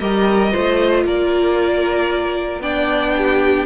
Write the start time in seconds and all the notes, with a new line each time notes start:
0.00 G3 G4 A#4 D#5
0.52 A3 F4 C5
1.05 A#3 A#4 D5
2.60 B3 D4 D5 G5
3.18 G4